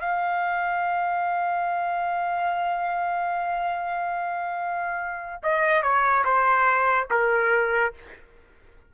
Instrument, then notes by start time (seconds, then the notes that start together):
trumpet
0.00 F5
5.43 D#5
5.82 C#5
6.24 C5
7.10 A#4